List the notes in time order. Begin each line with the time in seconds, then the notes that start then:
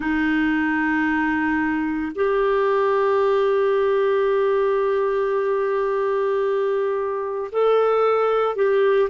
0.00 D#4
2.15 G4
7.52 A4
8.55 G4